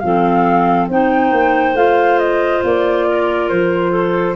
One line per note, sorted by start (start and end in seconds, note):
0.00 0.89 F3
0.00 0.91 C4
0.00 0.91 A4
0.00 0.87 F5
0.89 1.32 C4
0.89 1.76 D#4
0.89 3.09 C5
0.89 1.77 G5
1.32 1.75 A#3
1.75 2.62 A3
1.75 4.36 F4
1.75 2.19 F5
2.19 2.63 D#5
2.64 3.51 A#3
2.64 3.49 D5
3.09 3.91 A#4
3.49 4.36 F3
3.49 4.36 C5
3.91 4.35 A4